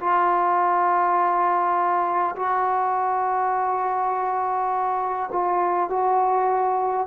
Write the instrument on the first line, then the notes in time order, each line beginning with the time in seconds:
trombone
0.00 F4
2.36 F#4
5.32 F4
5.89 F#4